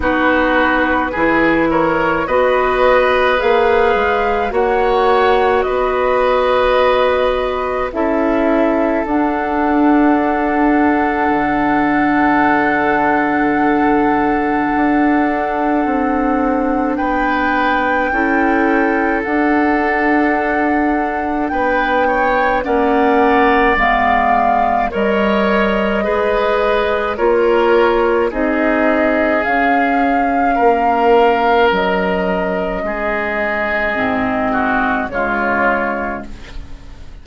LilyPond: <<
  \new Staff \with { instrumentName = "flute" } { \time 4/4 \tempo 4 = 53 b'4. cis''8 dis''4 f''4 | fis''4 dis''2 e''4 | fis''1~ | fis''2. g''4~ |
g''4 fis''2 g''4 | fis''4 f''4 dis''2 | cis''4 dis''4 f''2 | dis''2. cis''4 | }
  \new Staff \with { instrumentName = "oboe" } { \time 4/4 fis'4 gis'8 ais'8 b'2 | cis''4 b'2 a'4~ | a'1~ | a'2. b'4 |
a'2. b'8 cis''8 | d''2 cis''4 b'4 | ais'4 gis'2 ais'4~ | ais'4 gis'4. fis'8 f'4 | }
  \new Staff \with { instrumentName = "clarinet" } { \time 4/4 dis'4 e'4 fis'4 gis'4 | fis'2. e'4 | d'1~ | d'1 |
e'4 d'2. | cis'4 b4 ais'4 gis'4 | f'4 dis'4 cis'2~ | cis'2 c'4 gis4 | }
  \new Staff \with { instrumentName = "bassoon" } { \time 4/4 b4 e4 b4 ais8 gis8 | ais4 b2 cis'4 | d'2 d2~ | d4 d'4 c'4 b4 |
cis'4 d'2 b4 | ais4 gis4 g4 gis4 | ais4 c'4 cis'4 ais4 | fis4 gis4 gis,4 cis4 | }
>>